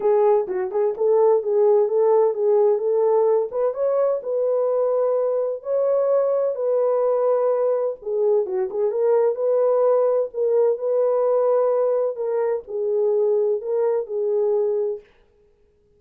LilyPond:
\new Staff \with { instrumentName = "horn" } { \time 4/4 \tempo 4 = 128 gis'4 fis'8 gis'8 a'4 gis'4 | a'4 gis'4 a'4. b'8 | cis''4 b'2. | cis''2 b'2~ |
b'4 gis'4 fis'8 gis'8 ais'4 | b'2 ais'4 b'4~ | b'2 ais'4 gis'4~ | gis'4 ais'4 gis'2 | }